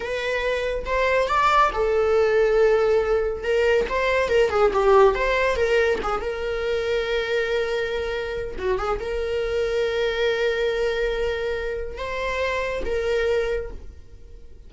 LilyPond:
\new Staff \with { instrumentName = "viola" } { \time 4/4 \tempo 4 = 140 b'2 c''4 d''4 | a'1 | ais'4 c''4 ais'8 gis'8 g'4 | c''4 ais'4 gis'8 ais'4.~ |
ais'1 | fis'8 gis'8 ais'2.~ | ais'1 | c''2 ais'2 | }